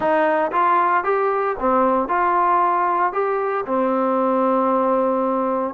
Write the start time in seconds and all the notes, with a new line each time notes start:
0.00 D#4
0.51 F4
1.04 G4
1.59 C4
2.08 F4
3.12 G4
3.65 C4